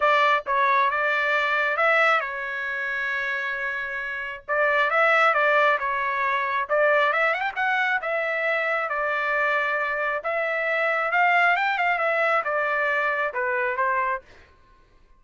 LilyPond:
\new Staff \with { instrumentName = "trumpet" } { \time 4/4 \tempo 4 = 135 d''4 cis''4 d''2 | e''4 cis''2.~ | cis''2 d''4 e''4 | d''4 cis''2 d''4 |
e''8 fis''16 g''16 fis''4 e''2 | d''2. e''4~ | e''4 f''4 g''8 f''8 e''4 | d''2 b'4 c''4 | }